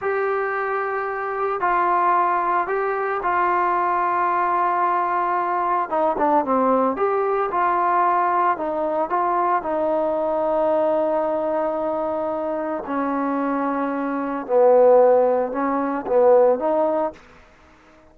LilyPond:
\new Staff \with { instrumentName = "trombone" } { \time 4/4 \tempo 4 = 112 g'2. f'4~ | f'4 g'4 f'2~ | f'2. dis'8 d'8 | c'4 g'4 f'2 |
dis'4 f'4 dis'2~ | dis'1 | cis'2. b4~ | b4 cis'4 b4 dis'4 | }